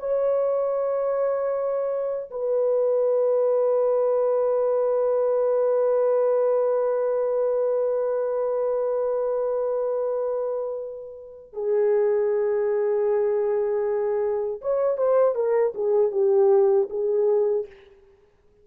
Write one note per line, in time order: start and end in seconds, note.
0.00 2.31 C#5
2.31 11.54 B4
11.54 14.62 G#4
14.62 14.98 C#5
14.98 15.35 C5
15.35 15.74 A#4
15.75 16.12 G#4
16.12 16.89 G4
16.91 17.67 G#4